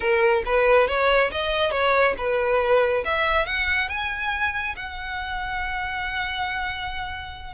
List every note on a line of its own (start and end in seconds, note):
0.00 0.43 A#4
0.45 0.87 B4
0.87 1.30 C#5
1.31 1.71 D#5
1.71 2.14 C#5
2.17 3.03 B4
3.05 3.46 E5
3.46 3.88 F#5
3.88 4.75 G#5
4.75 7.53 F#5